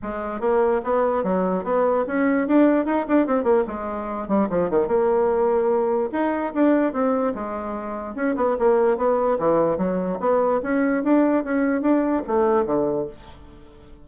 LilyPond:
\new Staff \with { instrumentName = "bassoon" } { \time 4/4 \tempo 4 = 147 gis4 ais4 b4 fis4 | b4 cis'4 d'4 dis'8 d'8 | c'8 ais8 gis4. g8 f8 dis8 | ais2. dis'4 |
d'4 c'4 gis2 | cis'8 b8 ais4 b4 e4 | fis4 b4 cis'4 d'4 | cis'4 d'4 a4 d4 | }